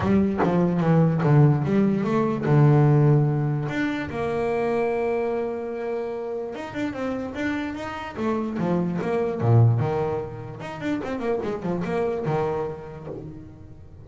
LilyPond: \new Staff \with { instrumentName = "double bass" } { \time 4/4 \tempo 4 = 147 g4 f4 e4 d4 | g4 a4 d2~ | d4 d'4 ais2~ | ais1 |
dis'8 d'8 c'4 d'4 dis'4 | a4 f4 ais4 ais,4 | dis2 dis'8 d'8 c'8 ais8 | gis8 f8 ais4 dis2 | }